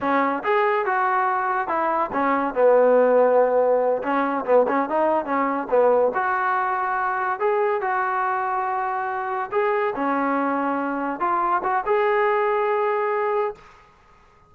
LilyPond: \new Staff \with { instrumentName = "trombone" } { \time 4/4 \tempo 4 = 142 cis'4 gis'4 fis'2 | e'4 cis'4 b2~ | b4. cis'4 b8 cis'8 dis'8~ | dis'8 cis'4 b4 fis'4.~ |
fis'4. gis'4 fis'4.~ | fis'2~ fis'8 gis'4 cis'8~ | cis'2~ cis'8 f'4 fis'8 | gis'1 | }